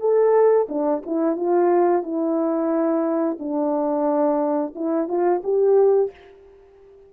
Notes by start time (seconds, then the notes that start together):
0.00 A4
0.69 D4
1.06 E4
1.36 F4
2.03 E4
3.39 D4
4.75 E4
5.08 F4
5.44 G4